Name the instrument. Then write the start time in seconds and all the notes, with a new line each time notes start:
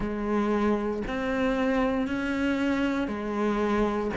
cello
0.00 G#3
1.07 C4
2.07 C#4
3.07 G#3